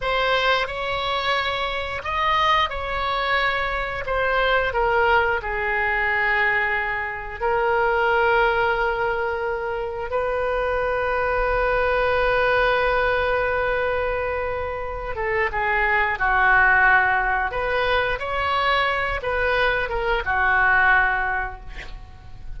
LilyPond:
\new Staff \with { instrumentName = "oboe" } { \time 4/4 \tempo 4 = 89 c''4 cis''2 dis''4 | cis''2 c''4 ais'4 | gis'2. ais'4~ | ais'2. b'4~ |
b'1~ | b'2~ b'8 a'8 gis'4 | fis'2 b'4 cis''4~ | cis''8 b'4 ais'8 fis'2 | }